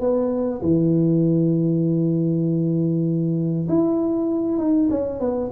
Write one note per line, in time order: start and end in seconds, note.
0.00 0.61 B3
0.62 3.68 E3
3.68 4.58 E4
4.58 4.89 D#4
4.90 5.20 C#4
5.20 5.50 B3